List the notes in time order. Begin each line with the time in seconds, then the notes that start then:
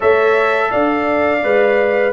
0.00 A3 A4 C#5 E5
0.70 D4 D5 F5
1.43 G#3 B4